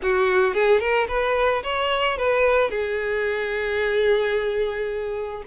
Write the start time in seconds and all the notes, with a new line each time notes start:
0.02 F#4
0.54 G#4
0.80 A#4
1.08 B4
1.63 C#5
2.17 B4
2.70 G#4